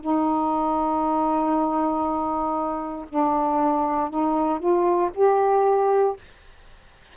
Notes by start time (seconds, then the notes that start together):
0.00 D#4
3.09 D4
4.10 D#4
4.59 F4
5.14 G4